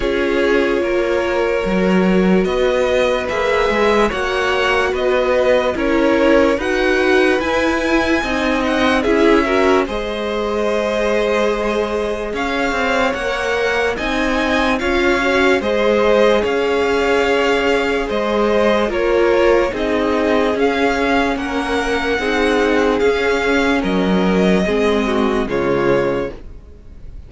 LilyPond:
<<
  \new Staff \with { instrumentName = "violin" } { \time 4/4 \tempo 4 = 73 cis''2. dis''4 | e''4 fis''4 dis''4 cis''4 | fis''4 gis''4. fis''8 e''4 | dis''2. f''4 |
fis''4 gis''4 f''4 dis''4 | f''2 dis''4 cis''4 | dis''4 f''4 fis''2 | f''4 dis''2 cis''4 | }
  \new Staff \with { instrumentName = "violin" } { \time 4/4 gis'4 ais'2 b'4~ | b'4 cis''4 b'4 ais'4 | b'2 dis''4 gis'8 ais'8 | c''2. cis''4~ |
cis''4 dis''4 cis''4 c''4 | cis''2 c''4 ais'4 | gis'2 ais'4 gis'4~ | gis'4 ais'4 gis'8 fis'8 f'4 | }
  \new Staff \with { instrumentName = "viola" } { \time 4/4 f'2 fis'2 | gis'4 fis'2 e'4 | fis'4 e'4 dis'4 e'8 fis'8 | gis'1 |
ais'4 dis'4 f'8 fis'8 gis'4~ | gis'2. f'4 | dis'4 cis'2 dis'4 | cis'2 c'4 gis4 | }
  \new Staff \with { instrumentName = "cello" } { \time 4/4 cis'4 ais4 fis4 b4 | ais8 gis8 ais4 b4 cis'4 | dis'4 e'4 c'4 cis'4 | gis2. cis'8 c'8 |
ais4 c'4 cis'4 gis4 | cis'2 gis4 ais4 | c'4 cis'4 ais4 c'4 | cis'4 fis4 gis4 cis4 | }
>>